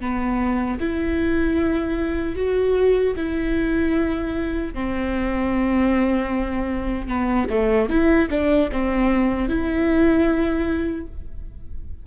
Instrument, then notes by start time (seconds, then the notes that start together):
viola
0.00 B3
0.80 E4
2.35 F#4
3.16 E4
4.74 C4
7.08 B3
7.50 A3
7.89 E4
8.30 D4
8.72 C4
9.48 E4